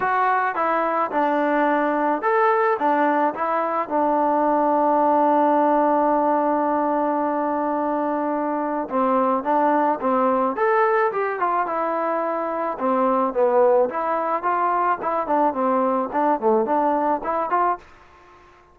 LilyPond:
\new Staff \with { instrumentName = "trombone" } { \time 4/4 \tempo 4 = 108 fis'4 e'4 d'2 | a'4 d'4 e'4 d'4~ | d'1~ | d'1 |
c'4 d'4 c'4 a'4 | g'8 f'8 e'2 c'4 | b4 e'4 f'4 e'8 d'8 | c'4 d'8 a8 d'4 e'8 f'8 | }